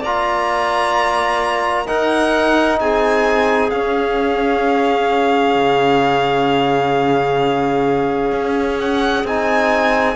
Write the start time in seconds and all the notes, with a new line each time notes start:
0.00 A#3 F4 D5 A#5
1.86 D#4 A#4 F#5
2.80 C4 G#4 G#5
3.70 C#4 F5
5.55 C#3
8.32 C#4
8.80 F#5
9.24 C4 D#4 G#5